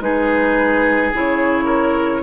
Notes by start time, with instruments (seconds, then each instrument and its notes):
0.00 bassoon G#3, clarinet D#4, oboe G#4, flute B4
1.14 bassoon C#3, clarinet E4, flute C#5
1.65 oboe A#4